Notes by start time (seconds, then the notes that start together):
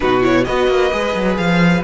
0.00 B2 D#4 F#4 B4
0.21 E4 C#5
0.44 B3 F#4 B4 D#5
0.67 A#3
0.91 G#3 G#4
1.14 F#3
1.37 F3 F5